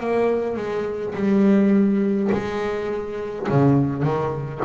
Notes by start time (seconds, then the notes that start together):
0.00 A#3
0.57 G#3
1.15 G3
2.32 G#3
3.49 C#3
4.03 D#3